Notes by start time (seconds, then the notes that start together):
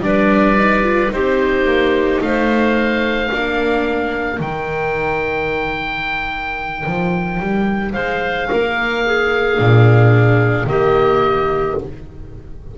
0.00 G3 D4 B4 D5
0.57 D#4
0.84 F4
1.10 C4 D#4 G4 C5
1.64 A#3
2.21 A3 C5 F5
3.30 A#3 D4 A#4
4.39 D#3 D#4 G5
6.86 F3
7.40 G3
7.93 G#3 C5 F5
8.50 A#3 A#4
9.06 G#4
9.57 A#2 D4
10.65 D#3 A#3 G4 D#5